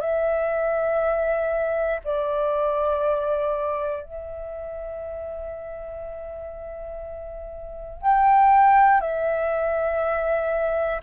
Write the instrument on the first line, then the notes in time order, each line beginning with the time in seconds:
flute
0.00 E5
2.04 D5
4.03 E5
8.02 G5
9.00 E5